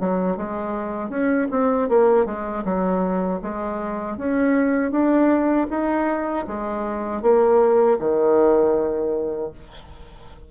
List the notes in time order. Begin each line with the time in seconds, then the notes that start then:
0.00 F#3
0.37 G#3
1.10 C#4
1.51 C4
1.89 A#3
2.26 G#3
2.64 F#3
3.42 G#3
4.17 C#4
4.91 D4
5.70 D#4
6.47 G#3
7.22 A#3
8.00 D#3